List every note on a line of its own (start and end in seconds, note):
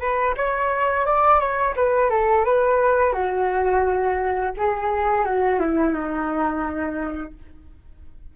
0.00 0.35 B4
0.37 1.06 C#5
1.06 1.40 D5
1.40 1.75 C#5
1.76 2.10 B4
2.10 2.45 A4
2.45 3.13 B4
3.13 4.53 F#4
4.57 5.25 G#4
5.25 5.60 F#4
5.60 5.93 E4
5.93 7.33 D#4